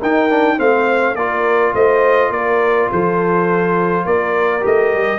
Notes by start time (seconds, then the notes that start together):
0.00 D#4 A#4 G5
0.30 D4
0.58 A3 C4 C5 F5
1.15 A#3 F4 A#4 D5
1.75 A3 C5 D#5
2.31 A#3 A#4 D5
2.92 F3 A4 C5
4.06 A#3 A#4 D5
4.61 A3 G4 D#5
4.94 G3